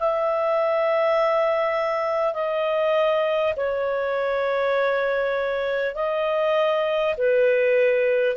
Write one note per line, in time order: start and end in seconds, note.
0.00 2.34 E5
2.34 3.54 D#5
3.57 5.95 C#5
5.95 7.15 D#5
7.17 8.37 B4